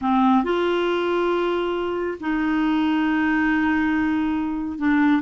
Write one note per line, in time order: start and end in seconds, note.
0.01 0.44 C4
0.44 2.18 F4
2.20 4.78 D#4
4.78 5.22 D4